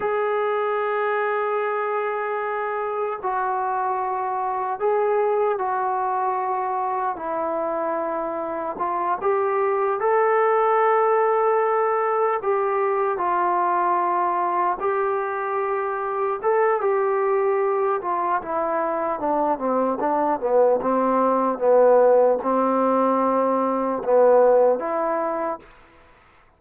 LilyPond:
\new Staff \with { instrumentName = "trombone" } { \time 4/4 \tempo 4 = 75 gis'1 | fis'2 gis'4 fis'4~ | fis'4 e'2 f'8 g'8~ | g'8 a'2. g'8~ |
g'8 f'2 g'4.~ | g'8 a'8 g'4. f'8 e'4 | d'8 c'8 d'8 b8 c'4 b4 | c'2 b4 e'4 | }